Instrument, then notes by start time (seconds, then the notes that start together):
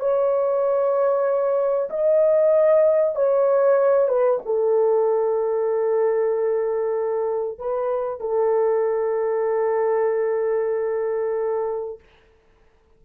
horn
0.00 C#5
1.90 D#5
3.16 C#5
4.09 B4
4.46 A4
7.58 B4
8.20 A4